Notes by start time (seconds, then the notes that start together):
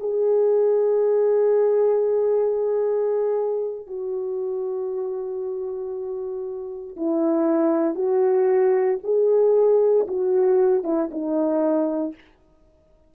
0.00 G#4
3.87 F#4
6.97 E4
7.95 F#4
9.04 G#4
10.08 F#4
10.84 E4
11.12 D#4